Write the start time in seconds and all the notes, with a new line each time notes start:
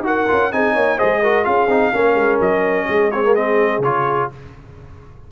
0.00 D#4 F#4
0.06 A#4 F#5
0.28 C#4 F4
0.52 C4 D#4 G#4 G#5
0.74 A#3 C#5
0.97 G#3 G#4 C5 D#5
1.23 F#4 A#4
1.44 C#4 F4 G#4 F5
1.68 C4 D#4
1.93 A#3 C#4 A#4
2.15 G#3
2.41 F#3 D#5
2.89 G#3 G#4
3.11 C4 C#5
3.24 A#3
3.35 C4 D#5
3.79 C#3 F4 C#5